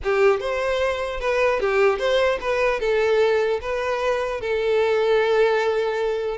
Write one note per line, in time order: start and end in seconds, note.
0.03 0.39 G4
0.39 1.19 C5
1.19 1.59 B4
1.60 1.99 G4
1.99 2.39 C5
2.40 2.80 B4
2.80 3.60 A4
3.61 4.40 B4
4.40 6.37 A4